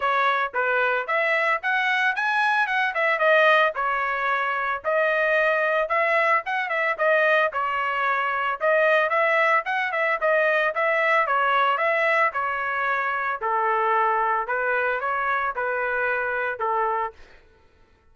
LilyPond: \new Staff \with { instrumentName = "trumpet" } { \time 4/4 \tempo 4 = 112 cis''4 b'4 e''4 fis''4 | gis''4 fis''8 e''8 dis''4 cis''4~ | cis''4 dis''2 e''4 | fis''8 e''8 dis''4 cis''2 |
dis''4 e''4 fis''8 e''8 dis''4 | e''4 cis''4 e''4 cis''4~ | cis''4 a'2 b'4 | cis''4 b'2 a'4 | }